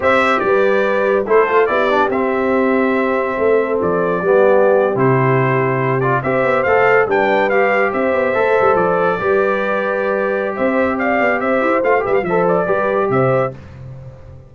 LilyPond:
<<
  \new Staff \with { instrumentName = "trumpet" } { \time 4/4 \tempo 4 = 142 e''4 d''2 c''4 | d''4 e''2.~ | e''4 d''2~ d''8. c''16~ | c''2~ c''16 d''8 e''4 f''16~ |
f''8. g''4 f''4 e''4~ e''16~ | e''8. d''2.~ d''16~ | d''4 e''4 f''4 e''4 | f''8 e''16 f''16 e''8 d''4. e''4 | }
  \new Staff \with { instrumentName = "horn" } { \time 4/4 c''4 b'2 a'4 | g'1 | a'2 g'2~ | g'2~ g'8. c''4~ c''16~ |
c''8. b'2 c''4~ c''16~ | c''4.~ c''16 b'2~ b'16~ | b'4 c''4 d''4 c''4~ | c''8 b'8 c''4 b'4 c''4 | }
  \new Staff \with { instrumentName = "trombone" } { \time 4/4 g'2. e'8 f'8 | e'8 d'8 c'2.~ | c'2 b4.~ b16 e'16~ | e'2~ e'16 f'8 g'4 a'16~ |
a'8. d'4 g'2 a'16~ | a'4.~ a'16 g'2~ g'16~ | g'1 | f'8 g'8 a'4 g'2 | }
  \new Staff \with { instrumentName = "tuba" } { \time 4/4 c'4 g2 a4 | b4 c'2. | a4 f4 g4.~ g16 c16~ | c2~ c8. c'8 b8 a16~ |
a8. g2 c'8 b8 a16~ | a16 g8 f4 g2~ g16~ | g4 c'4. b8 c'8 e'8 | a8 g8 f4 g4 c4 | }
>>